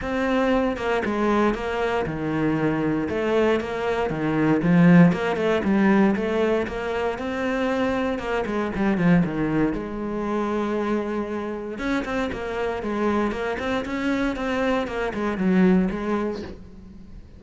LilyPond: \new Staff \with { instrumentName = "cello" } { \time 4/4 \tempo 4 = 117 c'4. ais8 gis4 ais4 | dis2 a4 ais4 | dis4 f4 ais8 a8 g4 | a4 ais4 c'2 |
ais8 gis8 g8 f8 dis4 gis4~ | gis2. cis'8 c'8 | ais4 gis4 ais8 c'8 cis'4 | c'4 ais8 gis8 fis4 gis4 | }